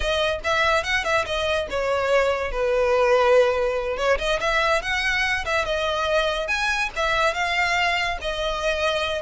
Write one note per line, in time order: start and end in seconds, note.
0.00 0.40 D#5
0.44 0.83 E5
0.83 1.04 F#5
1.04 1.25 E5
1.25 1.67 D#5
1.70 2.51 C#5
2.51 3.97 B4
3.97 4.18 C#5
4.18 4.39 D#5
4.40 4.82 E5
4.82 5.45 F#5
5.45 5.65 E5
5.65 6.47 D#5
6.47 6.89 G#5
6.96 7.34 E5
7.34 8.18 F5
8.21 9.22 D#5